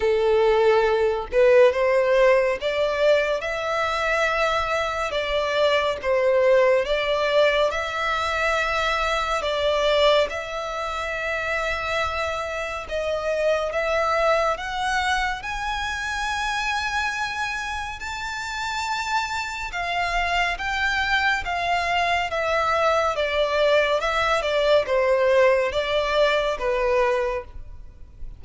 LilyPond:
\new Staff \with { instrumentName = "violin" } { \time 4/4 \tempo 4 = 70 a'4. b'8 c''4 d''4 | e''2 d''4 c''4 | d''4 e''2 d''4 | e''2. dis''4 |
e''4 fis''4 gis''2~ | gis''4 a''2 f''4 | g''4 f''4 e''4 d''4 | e''8 d''8 c''4 d''4 b'4 | }